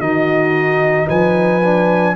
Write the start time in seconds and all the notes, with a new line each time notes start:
0.00 D#3 D#4 F#4 D#5
1.07 F3 B4 G#5
1.63 D4